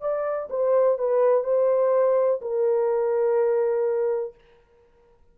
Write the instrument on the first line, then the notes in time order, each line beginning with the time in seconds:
horn
0.00 D5
0.49 C5
0.98 B4
1.44 C5
2.41 A#4